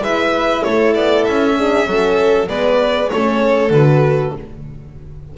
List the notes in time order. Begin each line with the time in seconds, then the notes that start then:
0.00 G#3 E4 B4 E5
0.63 A3 A4 C#5
0.94 B3 D5
1.25 C#4 E5
1.58 D4 G#4
1.86 F#3 C#4 A4
2.48 G#3 B3 B4 D5
3.10 A3 C#4 A4 C#5
3.70 D3 F#4 B4